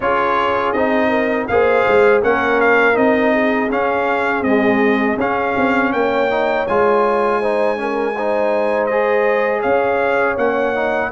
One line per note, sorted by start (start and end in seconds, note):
0.00 0.74 C#4
0.00 0.75 F4
0.00 1.09 G#4
0.00 0.72 C#5
0.72 1.48 C4
0.72 1.49 D#4
0.72 1.46 D#5
1.09 1.46 A#4
1.47 1.86 A#3
1.47 2.22 G#4
1.47 2.23 C5
1.47 2.21 F5
1.87 2.23 G#3
2.22 2.96 A#3
2.22 2.94 C#4
2.22 3.33 A#4
2.22 2.60 F#5
2.60 2.96 F5
2.94 3.69 C4
2.94 3.68 D#4
2.94 3.70 D#5
3.33 5.92 G#4
3.69 4.41 C#4
3.69 4.44 C#4
3.69 4.43 F5
4.41 5.18 G#3
4.41 5.15 C4
4.41 5.17 D#5
5.17 5.54 C#4
5.17 6.29 C#4
5.17 5.92 F5
5.57 5.93 C4
5.92 6.67 A#3
5.92 7.40 C#5
5.92 6.66 G5
6.29 6.67 D#4
6.67 9.64 G#3
6.67 7.42 F4
6.67 8.86 G#5
7.40 7.76 D#4
7.40 7.77 C5
7.76 8.13 C#4
7.76 8.15 A#4
8.15 8.91 D#4
8.15 9.61 C5
8.86 10.37 G#4
8.86 9.60 D#5
9.61 10.37 C#4
9.61 11.09 C#5
9.61 10.36 F5
10.37 11.11 A#3
10.37 10.74 C#4
10.37 11.11 F#5
10.74 11.11 D#4